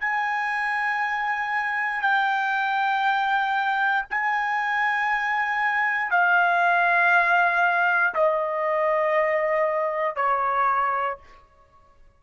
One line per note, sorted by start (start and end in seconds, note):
0.00 2.02 G#5
2.02 4.05 G5
4.10 6.11 G#5
6.11 8.14 F5
8.14 10.16 D#5
10.16 11.18 C#5